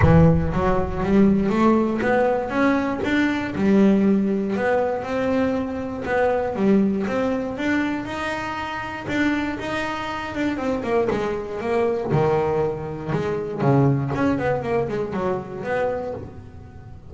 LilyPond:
\new Staff \with { instrumentName = "double bass" } { \time 4/4 \tempo 4 = 119 e4 fis4 g4 a4 | b4 cis'4 d'4 g4~ | g4 b4 c'2 | b4 g4 c'4 d'4 |
dis'2 d'4 dis'4~ | dis'8 d'8 c'8 ais8 gis4 ais4 | dis2 gis4 cis4 | cis'8 b8 ais8 gis8 fis4 b4 | }